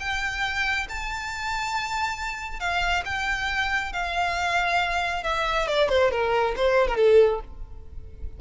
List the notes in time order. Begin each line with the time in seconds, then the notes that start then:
0.00 G5
0.89 A5
2.60 F5
3.05 G5
3.93 F5
5.24 E5
5.67 D5
5.89 C5
6.11 A#4
6.56 C5
6.88 A#4
6.97 A4